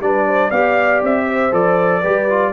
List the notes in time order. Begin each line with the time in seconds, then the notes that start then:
0.00 G3 D4 B4 D5
0.27 C5
0.49 B3 G4 D5 F5
1.03 C4 E5
1.27 C5
1.52 F3 A4 D5
2.01 G3 G4 B4
2.30 F4